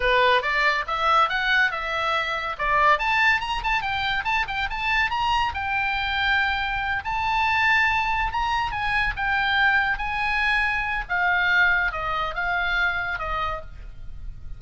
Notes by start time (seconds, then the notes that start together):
0.00 B4
0.42 D5
0.87 E5
1.29 F#5
1.71 E5
2.58 D5
2.98 A5
3.40 A#5
3.63 A5
3.81 G5
4.24 A5
4.47 G5
4.69 A5
5.10 A#5
5.54 G5
7.04 A5
8.32 A#5
8.71 G#5
9.16 G5
9.97 G#5
11.09 F5
11.92 D#5
12.34 F5
13.18 D#5